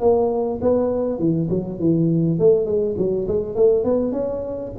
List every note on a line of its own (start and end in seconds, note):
0.00 0.59 A#3
0.61 1.19 B3
1.19 1.49 E3
1.49 1.79 F#3
1.79 2.39 E3
2.39 2.65 A3
2.65 2.95 G#3
2.97 3.27 F#3
3.28 3.55 G#3
3.55 3.84 A3
3.84 4.12 B3
4.12 4.71 C#4